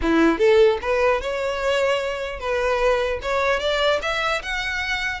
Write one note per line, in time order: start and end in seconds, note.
0.02 0.38 E4
0.38 0.78 A4
0.81 1.21 B4
1.21 2.39 C#5
2.39 3.19 B4
3.21 3.59 C#5
3.59 3.99 D5
4.01 4.41 E5
4.42 5.20 F#5